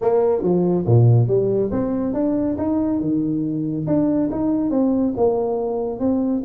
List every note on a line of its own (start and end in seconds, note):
0.01 0.42 A#3
0.42 0.85 F3
0.86 1.27 A#2
1.27 1.70 G3
1.71 2.13 C4
2.13 2.56 D4
2.57 3.00 D#4
3.00 3.86 D#3
3.86 4.29 D4
4.31 4.70 D#4
4.70 5.13 C4
5.16 5.99 A#3
5.99 6.42 C4